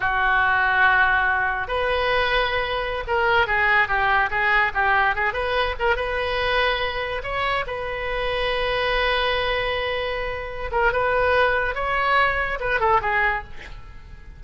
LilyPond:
\new Staff \with { instrumentName = "oboe" } { \time 4/4 \tempo 4 = 143 fis'1 | b'2.~ b'16 ais'8.~ | ais'16 gis'4 g'4 gis'4 g'8.~ | g'16 gis'8 b'4 ais'8 b'4.~ b'16~ |
b'4~ b'16 cis''4 b'4.~ b'16~ | b'1~ | b'4. ais'8 b'2 | cis''2 b'8 a'8 gis'4 | }